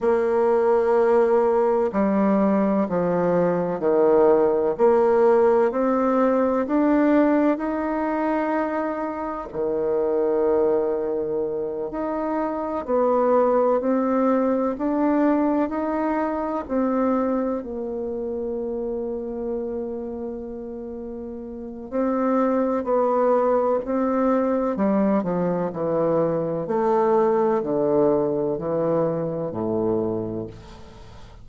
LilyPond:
\new Staff \with { instrumentName = "bassoon" } { \time 4/4 \tempo 4 = 63 ais2 g4 f4 | dis4 ais4 c'4 d'4 | dis'2 dis2~ | dis8 dis'4 b4 c'4 d'8~ |
d'8 dis'4 c'4 ais4.~ | ais2. c'4 | b4 c'4 g8 f8 e4 | a4 d4 e4 a,4 | }